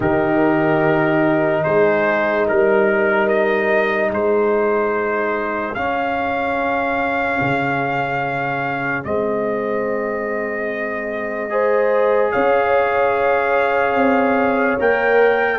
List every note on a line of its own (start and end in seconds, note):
0.00 1.64 D#3
0.00 5.75 D#4
0.00 1.63 G4
0.00 1.64 A#4
1.64 2.48 G#3
1.64 2.47 G#4
1.64 2.46 C5
2.47 4.11 G3
2.47 4.09 A#4
2.47 3.28 A#4
3.28 4.10 D#5
4.09 5.75 G#3
4.09 11.49 G#4
4.09 5.74 C5
5.74 7.40 C#4
5.74 9.04 C#4
5.74 9.03 F5
7.40 9.04 C#3
9.04 12.33 G#3
9.04 11.49 C4
9.04 12.31 D#5
11.49 14.78 G#4
11.49 12.33 C5
12.31 13.95 C#4
12.31 15.59 C#5
12.31 14.78 F5
13.95 14.77 C4
14.79 15.59 A#3
14.79 15.59 A#4
14.79 15.59 G5